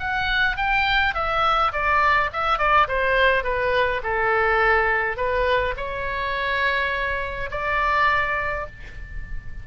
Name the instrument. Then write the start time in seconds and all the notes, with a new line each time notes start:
oboe
0.00 F#5
0.57 G5
1.15 E5
1.73 D5
2.33 E5
2.59 D5
2.88 C5
3.44 B4
4.03 A4
5.17 B4
5.77 C#5
7.51 D5